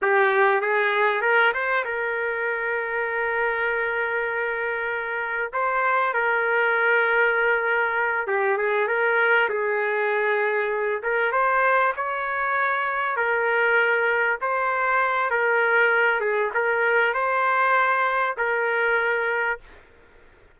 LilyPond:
\new Staff \with { instrumentName = "trumpet" } { \time 4/4 \tempo 4 = 98 g'4 gis'4 ais'8 c''8 ais'4~ | ais'1~ | ais'4 c''4 ais'2~ | ais'4. g'8 gis'8 ais'4 gis'8~ |
gis'2 ais'8 c''4 cis''8~ | cis''4. ais'2 c''8~ | c''4 ais'4. gis'8 ais'4 | c''2 ais'2 | }